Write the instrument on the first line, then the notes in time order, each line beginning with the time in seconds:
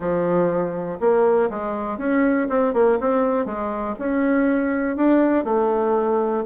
bassoon
0.00 F3
1.00 A#3
1.50 G#3
1.97 C#4
2.49 C4
2.73 A#3
3.00 C4
3.45 G#3
3.98 C#4
4.96 D4
5.44 A3